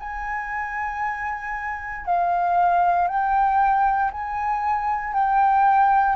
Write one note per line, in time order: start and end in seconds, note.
0.00 2.06 G#5
2.06 3.08 F5
3.08 4.12 G5
4.12 5.14 G#5
5.14 6.16 G5